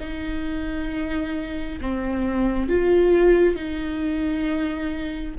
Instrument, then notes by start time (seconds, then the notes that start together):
viola
0.00 D#4
1.81 C4
2.69 F4
3.55 D#4